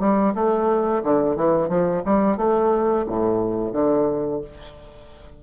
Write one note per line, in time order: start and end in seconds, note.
0.00 0.34 G3
0.35 1.03 A3
1.04 1.36 D3
1.36 1.69 E3
1.69 2.03 F3
2.05 2.37 G3
2.37 3.06 A3
3.07 3.73 A2
3.73 4.41 D3